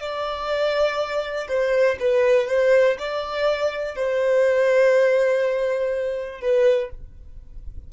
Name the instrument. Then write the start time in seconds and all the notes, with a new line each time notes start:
violin
0.00 D5
1.48 C5
1.99 B4
2.48 C5
2.99 D5
3.96 C5
6.41 B4